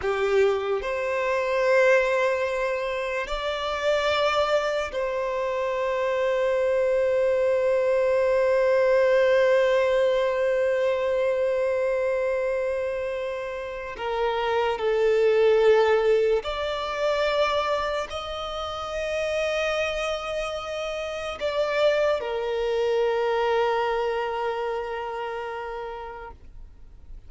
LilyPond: \new Staff \with { instrumentName = "violin" } { \time 4/4 \tempo 4 = 73 g'4 c''2. | d''2 c''2~ | c''1~ | c''1~ |
c''4 ais'4 a'2 | d''2 dis''2~ | dis''2 d''4 ais'4~ | ais'1 | }